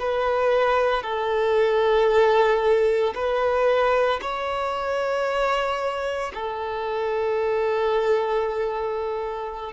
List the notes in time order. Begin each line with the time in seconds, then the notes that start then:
0.00 B4
1.03 A4
3.15 B4
4.22 C#5
6.34 A4